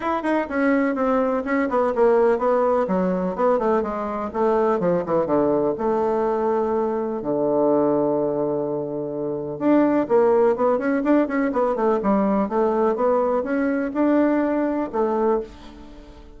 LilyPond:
\new Staff \with { instrumentName = "bassoon" } { \time 4/4 \tempo 4 = 125 e'8 dis'8 cis'4 c'4 cis'8 b8 | ais4 b4 fis4 b8 a8 | gis4 a4 f8 e8 d4 | a2. d4~ |
d1 | d'4 ais4 b8 cis'8 d'8 cis'8 | b8 a8 g4 a4 b4 | cis'4 d'2 a4 | }